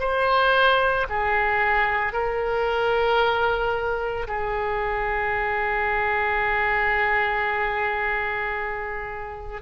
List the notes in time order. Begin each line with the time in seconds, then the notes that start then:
0.00 C5
1.10 G#4
2.13 A#4
4.28 G#4